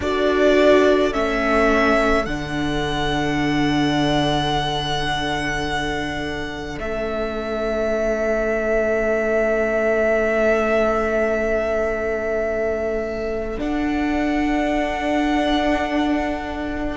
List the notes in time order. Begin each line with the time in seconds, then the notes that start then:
0.00 D4 F#4 A4 D5
1.11 A3 C#4 E5
2.25 D3 D4 F#5
6.78 A3 C#4 E5
13.57 D4 F#5